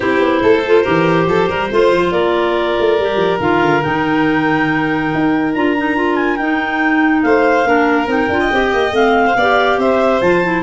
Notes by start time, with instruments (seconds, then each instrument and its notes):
0.00 tuba C4, clarinet E4 C5, violin G4
0.19 tuba B3
0.42 tuba A3, violin A4
0.66 clarinet F4
0.82 tuba E3, clarinet G4, violin A#4
1.26 tuba F3, violin A4
1.48 tuba G3, violin A#4
1.71 tuba A3, clarinet F4, violin C5
1.91 tuba F3
2.11 tuba A#3, violin A#4, clarinet D5
2.79 tuba A3
2.99 tuba G3, clarinet G4
3.16 tuba F3
3.39 tuba D#3, clarinet F4 F5
3.60 tuba D3
3.82 tuba D#3, clarinet D#4 G5
5.14 tuba D#4
5.53 tuba D4, clarinet F4 A#5
5.77 clarinet D#4
5.95 clarinet F4
6.15 clarinet G#5
6.36 tuba D#4, clarinet D#4 G5
7.22 tuba A3, violin C5, clarinet F5
7.64 tuba A#3, clarinet D4, violin A#4
8.06 tuba C4, clarinet D#4 G5
8.28 tuba D4, clarinet F4
8.40 violin D#5
8.52 tuba C4, clarinet G4
8.73 tuba A#3
8.91 tuba A3, clarinet C4 F5
9.25 violin C5
9.35 tuba B3, clarinet G4, violin D5
9.77 tuba C4, violin C5, clarinet E5
10.21 tuba F3, clarinet F4 A5
10.43 clarinet E4